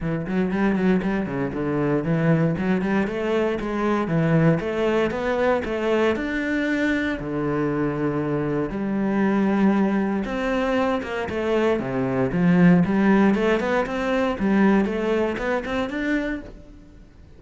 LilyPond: \new Staff \with { instrumentName = "cello" } { \time 4/4 \tempo 4 = 117 e8 fis8 g8 fis8 g8 cis8 d4 | e4 fis8 g8 a4 gis4 | e4 a4 b4 a4 | d'2 d2~ |
d4 g2. | c'4. ais8 a4 c4 | f4 g4 a8 b8 c'4 | g4 a4 b8 c'8 d'4 | }